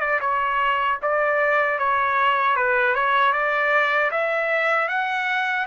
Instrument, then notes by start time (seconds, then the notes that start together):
trumpet
0.00 D5
0.21 C#5
1.02 D5
1.78 C#5
2.56 B4
2.95 C#5
3.33 D5
4.11 E5
4.88 F#5